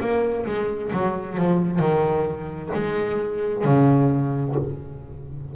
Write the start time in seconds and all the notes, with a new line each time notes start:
0.00 A#3
0.46 G#3
0.93 F#3
1.37 F3
1.79 D#3
2.74 G#3
3.64 C#3